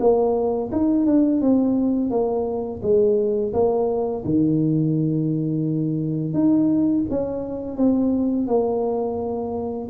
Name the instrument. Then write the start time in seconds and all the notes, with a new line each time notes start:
tuba
0.00 A#3
0.72 D#4
1.06 D4
1.41 C4
2.10 A#3
2.82 G#3
3.54 A#3
4.25 D#3
6.34 D#4
7.10 C#4
7.77 C4
8.47 A#3